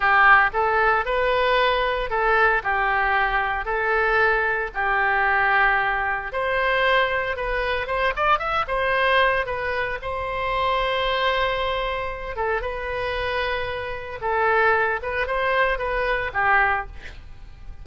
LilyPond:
\new Staff \with { instrumentName = "oboe" } { \time 4/4 \tempo 4 = 114 g'4 a'4 b'2 | a'4 g'2 a'4~ | a'4 g'2. | c''2 b'4 c''8 d''8 |
e''8 c''4. b'4 c''4~ | c''2.~ c''8 a'8 | b'2. a'4~ | a'8 b'8 c''4 b'4 g'4 | }